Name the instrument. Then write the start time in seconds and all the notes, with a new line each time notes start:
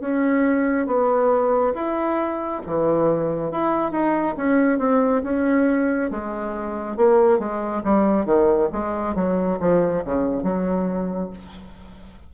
bassoon
0.00 C#4
0.87 B3
1.74 E4
2.66 E3
3.52 E4
3.91 D#4
4.37 C#4
4.79 C4
5.23 C#4
6.11 G#3
6.97 A#3
7.39 G#3
7.84 G3
8.26 D#3
8.72 G#3
9.15 F#3
9.60 F3
10.04 C#3
10.43 F#3